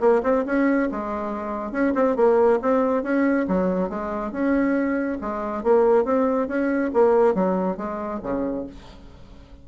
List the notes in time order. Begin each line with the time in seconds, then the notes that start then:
0.00 A#3
0.23 C4
0.46 C#4
0.91 G#3
1.72 C#4
1.94 C4
2.16 A#3
2.61 C4
3.03 C#4
3.48 F#3
3.89 G#3
4.32 C#4
5.21 G#3
5.63 A#3
6.05 C4
6.47 C#4
6.93 A#3
7.34 F#3
7.77 G#3
8.23 C#3